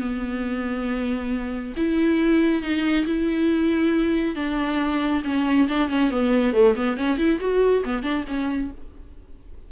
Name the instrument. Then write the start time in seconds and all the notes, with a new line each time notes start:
viola
0.00 B3
1.77 E4
2.62 D#4
3.07 E4
4.36 D4
5.24 C#4
5.68 D4
5.89 C#4
6.11 B3
6.53 A3
6.76 B3
6.97 C#4
7.18 E4
7.40 F#4
7.85 B3
8.03 D4
8.27 C#4